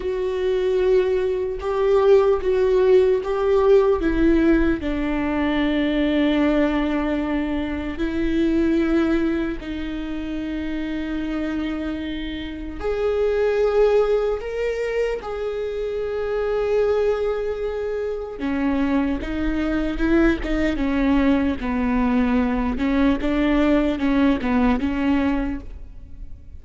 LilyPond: \new Staff \with { instrumentName = "viola" } { \time 4/4 \tempo 4 = 75 fis'2 g'4 fis'4 | g'4 e'4 d'2~ | d'2 e'2 | dis'1 |
gis'2 ais'4 gis'4~ | gis'2. cis'4 | dis'4 e'8 dis'8 cis'4 b4~ | b8 cis'8 d'4 cis'8 b8 cis'4 | }